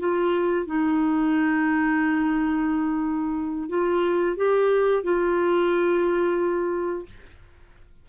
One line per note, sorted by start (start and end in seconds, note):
0.00 0.67 F4
0.67 3.70 D#4
3.70 4.37 F4
4.37 5.04 G4
5.04 7.06 F4